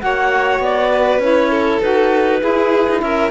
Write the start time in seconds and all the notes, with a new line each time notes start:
0.00 A#3 F#4 C#5 F#5
0.59 B3 D5
0.91 B4
1.19 C#4 E4 C#5
1.51 A4
1.81 D#4 F#4 B4
2.40 E4 G#4
2.90 D#4
3.01 C#4 A#4 E5